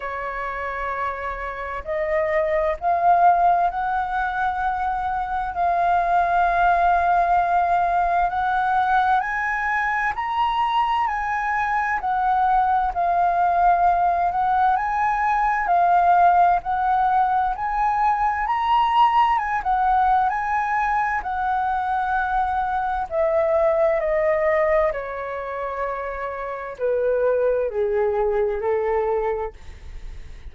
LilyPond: \new Staff \with { instrumentName = "flute" } { \time 4/4 \tempo 4 = 65 cis''2 dis''4 f''4 | fis''2 f''2~ | f''4 fis''4 gis''4 ais''4 | gis''4 fis''4 f''4. fis''8 |
gis''4 f''4 fis''4 gis''4 | ais''4 gis''16 fis''8. gis''4 fis''4~ | fis''4 e''4 dis''4 cis''4~ | cis''4 b'4 gis'4 a'4 | }